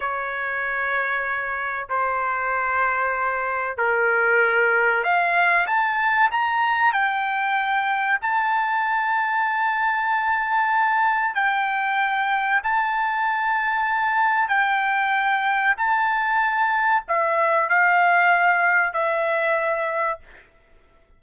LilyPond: \new Staff \with { instrumentName = "trumpet" } { \time 4/4 \tempo 4 = 95 cis''2. c''4~ | c''2 ais'2 | f''4 a''4 ais''4 g''4~ | g''4 a''2.~ |
a''2 g''2 | a''2. g''4~ | g''4 a''2 e''4 | f''2 e''2 | }